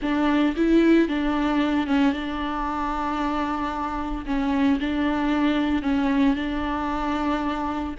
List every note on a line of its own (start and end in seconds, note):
0.02 0.55 D4
0.56 1.08 E4
1.08 1.86 D4
1.86 2.12 C#4
2.12 4.25 D4
4.26 4.79 C#4
4.80 5.82 D4
5.82 6.35 C#4
6.35 7.94 D4